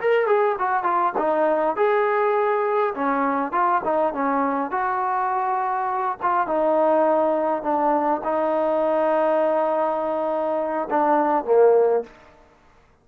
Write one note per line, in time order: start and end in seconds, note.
0.00 0.26 A#4
0.26 0.56 G#4
0.59 0.83 F#4
0.83 1.13 F4
1.18 1.76 D#4
1.76 2.94 G#4
2.94 3.52 C#4
3.52 3.81 F4
3.84 4.13 D#4
4.13 4.71 C#4
4.71 6.18 F#4
6.22 6.47 F4
6.47 7.63 D#4
7.63 8.21 D4
8.24 10.88 D#4
10.90 11.45 D4
11.45 12.03 A#3